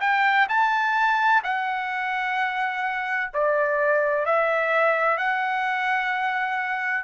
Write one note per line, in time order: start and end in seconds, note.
0.00 0.47 G5
0.49 1.42 A5
1.43 3.31 F#5
3.33 4.25 D5
4.25 5.17 E5
5.17 7.04 F#5